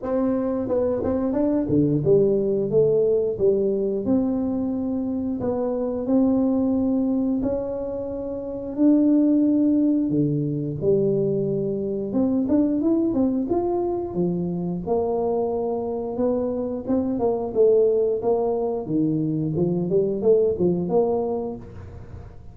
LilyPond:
\new Staff \with { instrumentName = "tuba" } { \time 4/4 \tempo 4 = 89 c'4 b8 c'8 d'8 d8 g4 | a4 g4 c'2 | b4 c'2 cis'4~ | cis'4 d'2 d4 |
g2 c'8 d'8 e'8 c'8 | f'4 f4 ais2 | b4 c'8 ais8 a4 ais4 | dis4 f8 g8 a8 f8 ais4 | }